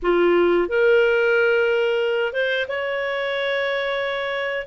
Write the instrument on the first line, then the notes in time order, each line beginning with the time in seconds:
clarinet
0.02 F4
0.68 A#4
2.32 C5
2.68 C#5